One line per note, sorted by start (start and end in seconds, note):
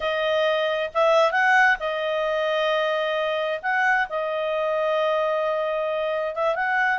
0.00 0.90 D#5
0.94 1.31 E5
1.31 1.77 F#5
1.79 3.59 D#5
3.62 4.07 F#5
4.09 6.34 D#5
6.34 6.55 E5
6.55 6.98 F#5